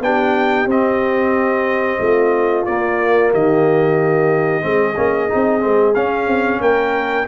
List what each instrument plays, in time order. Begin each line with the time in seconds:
0.00 tuba B3, trombone D4, horn G4, trumpet G5
0.66 tuba C4, trombone C4, trumpet D#5
1.99 tuba A3, horn F4
2.65 trombone A#3, tuba A#3, trumpet D5
3.31 tuba D#3, horn G4, trumpet D#5
4.61 tuba G#3, trombone C4, horn G#4
4.96 tuba A#3, trombone C#4
5.29 tuba C4, trombone D#4
5.60 tuba G#3, trombone C4
5.95 trombone C#4, tuba C#4, trumpet F5
6.27 tuba C4
6.61 tuba A#3, horn A#4, trumpet G5